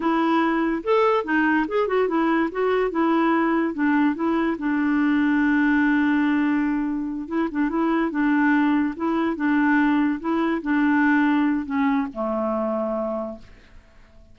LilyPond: \new Staff \with { instrumentName = "clarinet" } { \time 4/4 \tempo 4 = 144 e'2 a'4 dis'4 | gis'8 fis'8 e'4 fis'4 e'4~ | e'4 d'4 e'4 d'4~ | d'1~ |
d'4. e'8 d'8 e'4 d'8~ | d'4. e'4 d'4.~ | d'8 e'4 d'2~ d'8 | cis'4 a2. | }